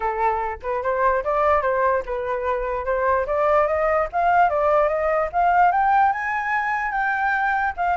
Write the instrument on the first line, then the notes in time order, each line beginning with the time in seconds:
flute
0.00 A4
0.62 B4
0.82 C5
1.24 D5
1.61 C5
2.05 B4
2.85 C5
3.26 D5
3.67 D#5
4.12 F5
4.49 D5
4.88 D#5
5.32 F5
5.71 G5
6.12 G#5
6.91 G5
7.76 F5